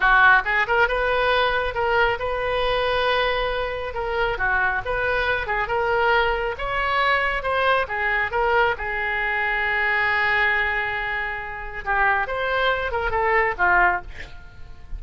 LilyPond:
\new Staff \with { instrumentName = "oboe" } { \time 4/4 \tempo 4 = 137 fis'4 gis'8 ais'8 b'2 | ais'4 b'2.~ | b'4 ais'4 fis'4 b'4~ | b'8 gis'8 ais'2 cis''4~ |
cis''4 c''4 gis'4 ais'4 | gis'1~ | gis'2. g'4 | c''4. ais'8 a'4 f'4 | }